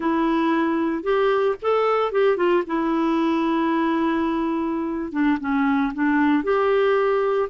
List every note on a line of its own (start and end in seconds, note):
0.00 1.03 E4
1.03 1.55 G4
1.62 2.12 A4
2.12 2.37 G4
2.37 2.63 F4
2.66 5.11 E4
5.11 5.38 D4
5.40 5.92 C#4
5.94 6.43 D4
6.43 7.48 G4